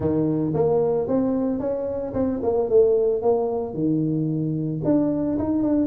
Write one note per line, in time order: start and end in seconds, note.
0.00 0.53 D#3
0.54 1.07 A#3
1.07 1.59 C4
1.59 2.13 C#4
2.13 2.40 C4
2.42 2.69 A#3
2.69 3.22 A3
3.22 3.74 A#3
3.74 4.81 D#3
4.84 5.38 D4
5.38 5.62 D#4
5.62 5.86 D4